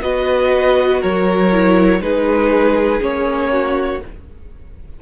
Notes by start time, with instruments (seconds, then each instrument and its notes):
0.00 cello B3, viola F#4, violin B4 D#5
1.01 cello F#3, violin A#4 C#5
1.51 viola E4
2.01 cello G#3, viola D#4, violin G#4 B4
3.00 cello A#3, viola C#4, violin C#5
3.51 violin F#4